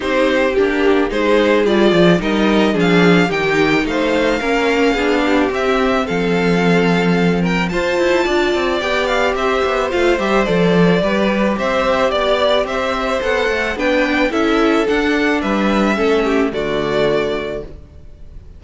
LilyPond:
<<
  \new Staff \with { instrumentName = "violin" } { \time 4/4 \tempo 4 = 109 c''4 g'4 c''4 d''4 | dis''4 f''4 g''4 f''4~ | f''2 e''4 f''4~ | f''4. g''8 a''2 |
g''8 f''8 e''4 f''8 e''8 d''4~ | d''4 e''4 d''4 e''4 | fis''4 g''4 e''4 fis''4 | e''2 d''2 | }
  \new Staff \with { instrumentName = "violin" } { \time 4/4 g'2 gis'2 | ais'4 gis'4 g'4 c''4 | ais'4 gis'8 g'4. a'4~ | a'4. ais'8 c''4 d''4~ |
d''4 c''2. | b'4 c''4 d''4 c''4~ | c''4 b'4 a'2 | b'4 a'8 g'8 fis'2 | }
  \new Staff \with { instrumentName = "viola" } { \time 4/4 dis'4 d'4 dis'4 f'4 | dis'4 d'4 dis'2 | cis'4 d'4 c'2~ | c'2 f'2 |
g'2 f'8 g'8 a'4 | g'1 | a'4 d'4 e'4 d'4~ | d'4 cis'4 a2 | }
  \new Staff \with { instrumentName = "cello" } { \time 4/4 c'4 ais4 gis4 g8 f8 | g4 f4 dis4 a4 | ais4 b4 c'4 f4~ | f2 f'8 e'8 d'8 c'8 |
b4 c'8 b8 a8 g8 f4 | g4 c'4 b4 c'4 | b8 a8 b4 cis'4 d'4 | g4 a4 d2 | }
>>